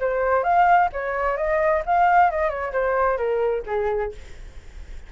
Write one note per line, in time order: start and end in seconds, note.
0.00 0.43 C5
0.43 0.89 F5
0.92 1.37 C#5
1.37 1.83 D#5
1.86 2.31 F5
2.31 2.49 D#5
2.49 2.72 C#5
2.72 3.17 C5
3.17 3.63 A#4
3.66 4.12 G#4